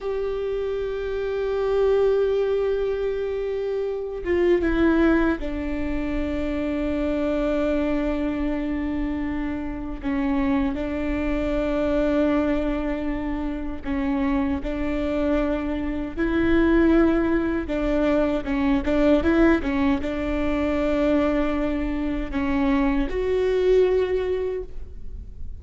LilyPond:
\new Staff \with { instrumentName = "viola" } { \time 4/4 \tempo 4 = 78 g'1~ | g'4. f'8 e'4 d'4~ | d'1~ | d'4 cis'4 d'2~ |
d'2 cis'4 d'4~ | d'4 e'2 d'4 | cis'8 d'8 e'8 cis'8 d'2~ | d'4 cis'4 fis'2 | }